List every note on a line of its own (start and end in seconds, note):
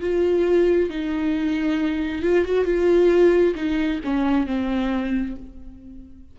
0.00 0.89 F4
0.89 2.22 D#4
2.22 2.44 F4
2.44 2.65 F#4
2.65 3.54 F4
3.55 4.00 D#4
4.04 4.46 C#4
4.46 5.36 C4